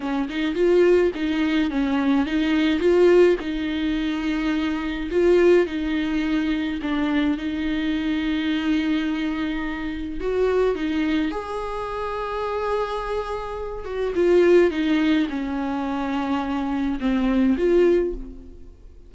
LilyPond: \new Staff \with { instrumentName = "viola" } { \time 4/4 \tempo 4 = 106 cis'8 dis'8 f'4 dis'4 cis'4 | dis'4 f'4 dis'2~ | dis'4 f'4 dis'2 | d'4 dis'2.~ |
dis'2 fis'4 dis'4 | gis'1~ | gis'8 fis'8 f'4 dis'4 cis'4~ | cis'2 c'4 f'4 | }